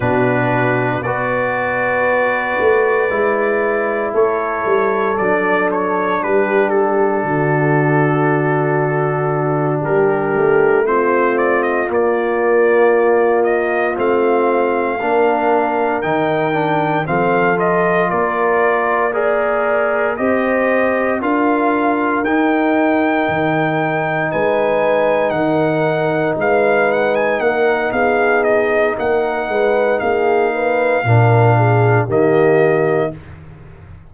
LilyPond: <<
  \new Staff \with { instrumentName = "trumpet" } { \time 4/4 \tempo 4 = 58 b'4 d''2. | cis''4 d''8 cis''8 b'8 a'4.~ | a'4. ais'4 c''8 d''16 dis''16 d''8~ | d''4 dis''8 f''2 g''8~ |
g''8 f''8 dis''8 d''4 ais'4 dis''8~ | dis''8 f''4 g''2 gis''8~ | gis''8 fis''4 f''8 fis''16 gis''16 fis''8 f''8 dis''8 | fis''4 f''2 dis''4 | }
  \new Staff \with { instrumentName = "horn" } { \time 4/4 fis'4 b'2. | a'2 g'4 fis'4~ | fis'4. g'4 f'4.~ | f'2~ f'8 ais'4.~ |
ais'8 a'4 ais'4 d''4 c''8~ | c''8 ais'2. b'8~ | b'8 ais'4 b'4 ais'8 gis'4 | ais'8 b'8 gis'8 b'8 ais'8 gis'8 g'4 | }
  \new Staff \with { instrumentName = "trombone" } { \time 4/4 d'4 fis'2 e'4~ | e'4 d'2.~ | d'2~ d'8 c'4 ais8~ | ais4. c'4 d'4 dis'8 |
d'8 c'8 f'4. gis'4 g'8~ | g'8 f'4 dis'2~ dis'8~ | dis'1~ | dis'2 d'4 ais4 | }
  \new Staff \with { instrumentName = "tuba" } { \time 4/4 b,4 b4. a8 gis4 | a8 g8 fis4 g4 d4~ | d4. g8 a4. ais8~ | ais4. a4 ais4 dis8~ |
dis8 f4 ais2 c'8~ | c'8 d'4 dis'4 dis4 gis8~ | gis8 dis4 gis4 ais8 b4 | ais8 gis8 ais4 ais,4 dis4 | }
>>